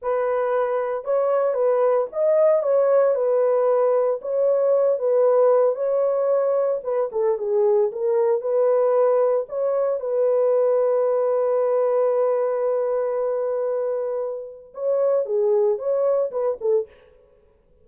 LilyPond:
\new Staff \with { instrumentName = "horn" } { \time 4/4 \tempo 4 = 114 b'2 cis''4 b'4 | dis''4 cis''4 b'2 | cis''4. b'4. cis''4~ | cis''4 b'8 a'8 gis'4 ais'4 |
b'2 cis''4 b'4~ | b'1~ | b'1 | cis''4 gis'4 cis''4 b'8 a'8 | }